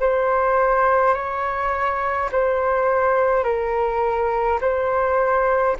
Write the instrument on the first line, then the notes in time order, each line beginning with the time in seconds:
flute
0.00 C5
1.14 C#5
2.31 C5
3.44 A#4
4.60 C5